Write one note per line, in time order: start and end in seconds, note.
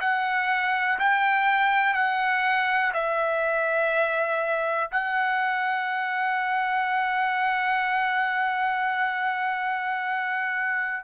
0.00 0.98 F#5
0.99 1.94 G5
1.94 2.92 F#5
2.94 4.90 E5
4.91 11.04 F#5